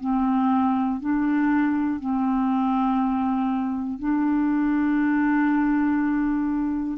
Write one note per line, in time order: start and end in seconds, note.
0.00 1.00 C4
1.00 2.00 D4
2.00 4.00 C4
4.00 6.98 D4